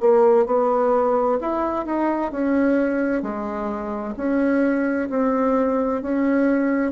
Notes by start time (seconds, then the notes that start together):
0.00 A#3
0.46 B3
1.41 E4
1.85 D#4
2.32 C#4
3.22 G#3
4.17 C#4
5.10 C4
6.02 C#4